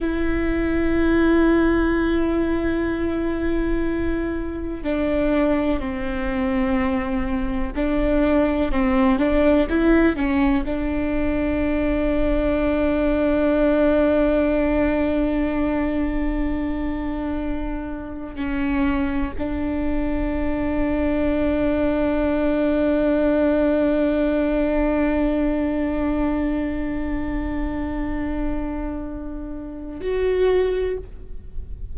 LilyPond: \new Staff \with { instrumentName = "viola" } { \time 4/4 \tempo 4 = 62 e'1~ | e'4 d'4 c'2 | d'4 c'8 d'8 e'8 cis'8 d'4~ | d'1~ |
d'2. cis'4 | d'1~ | d'1~ | d'2. fis'4 | }